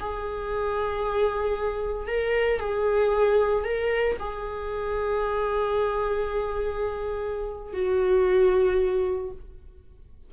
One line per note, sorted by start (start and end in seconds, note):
0.00 2.08 G#4
2.08 2.60 A#4
2.60 3.65 G#4
3.65 4.17 A#4
4.20 7.73 G#4
7.73 9.31 F#4